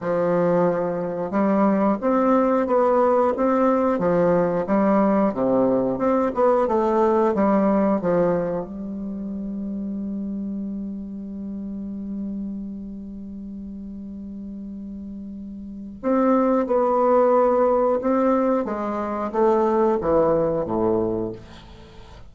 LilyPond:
\new Staff \with { instrumentName = "bassoon" } { \time 4/4 \tempo 4 = 90 f2 g4 c'4 | b4 c'4 f4 g4 | c4 c'8 b8 a4 g4 | f4 g2.~ |
g1~ | g1 | c'4 b2 c'4 | gis4 a4 e4 a,4 | }